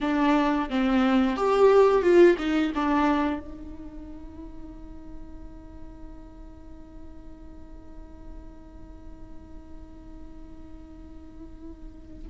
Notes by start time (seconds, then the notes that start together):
0.00 D4
0.69 C4
1.36 G4
2.02 F4
2.38 D#4
2.75 D4
3.40 D#4